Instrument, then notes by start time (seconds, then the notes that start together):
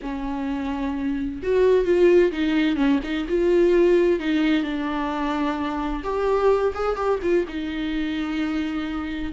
viola
0.02 C#4
1.42 F#4
1.85 F4
2.32 D#4
2.76 C#4
3.03 D#4
3.28 F4
4.19 D#4
4.63 D4
6.03 G4
6.74 G#4
6.96 G4
7.22 F4
7.48 D#4